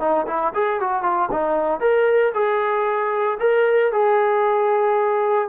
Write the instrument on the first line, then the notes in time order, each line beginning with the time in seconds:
trombone
0.00 D#4
0.27 E4
0.54 G#4
0.80 F#4
1.02 F4
1.31 D#4
1.80 A#4
2.34 G#4
3.40 A#4
3.92 G#4